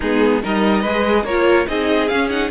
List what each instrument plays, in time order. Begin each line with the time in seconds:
0.00 cello G#3, viola B3, violin D#4 G#4
0.42 cello G3, viola D#4, violin A#4 D#5
0.81 cello G#3, viola G#4, violin B4
1.24 cello A#3, viola F4, violin A#4 C#5
1.67 cello C4, viola D#4, violin G#4 D#5
2.08 cello C#4, viola C#4, violin F5
2.29 viola D#4, violin F#5